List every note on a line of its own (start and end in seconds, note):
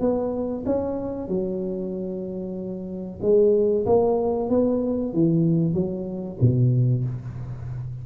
0.00 0.64 B3
0.65 1.28 C#4
1.28 3.19 F#3
3.21 3.85 G#3
3.85 4.49 A#3
4.49 5.13 B3
5.13 5.73 E3
5.73 6.37 F#3
6.41 7.04 B2